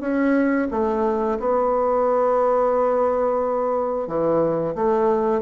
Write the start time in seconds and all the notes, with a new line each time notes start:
0.00 C#4
0.71 A3
1.39 B3
4.07 E3
4.75 A3